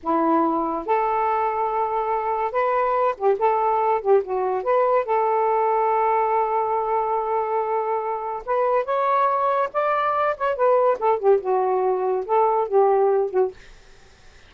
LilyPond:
\new Staff \with { instrumentName = "saxophone" } { \time 4/4 \tempo 4 = 142 e'2 a'2~ | a'2 b'4. g'8 | a'4. g'8 fis'4 b'4 | a'1~ |
a'1 | b'4 cis''2 d''4~ | d''8 cis''8 b'4 a'8 g'8 fis'4~ | fis'4 a'4 g'4. fis'8 | }